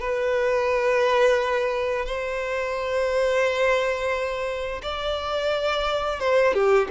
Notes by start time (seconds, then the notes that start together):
0.00 B4
2.05 C5
4.82 D5
6.19 C5
6.53 G4